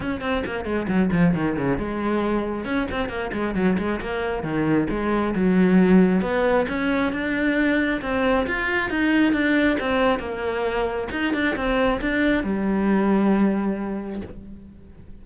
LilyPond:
\new Staff \with { instrumentName = "cello" } { \time 4/4 \tempo 4 = 135 cis'8 c'8 ais8 gis8 fis8 f8 dis8 cis8 | gis2 cis'8 c'8 ais8 gis8 | fis8 gis8 ais4 dis4 gis4 | fis2 b4 cis'4 |
d'2 c'4 f'4 | dis'4 d'4 c'4 ais4~ | ais4 dis'8 d'8 c'4 d'4 | g1 | }